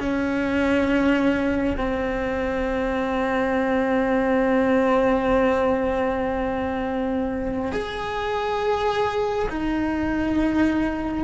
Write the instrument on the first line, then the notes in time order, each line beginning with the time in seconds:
cello
0.00 C#4
1.78 C4
7.72 G#4
9.50 D#4